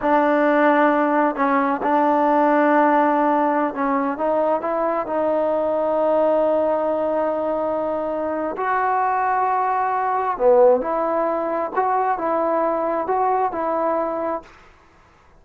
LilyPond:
\new Staff \with { instrumentName = "trombone" } { \time 4/4 \tempo 4 = 133 d'2. cis'4 | d'1~ | d'16 cis'4 dis'4 e'4 dis'8.~ | dis'1~ |
dis'2. fis'4~ | fis'2. b4 | e'2 fis'4 e'4~ | e'4 fis'4 e'2 | }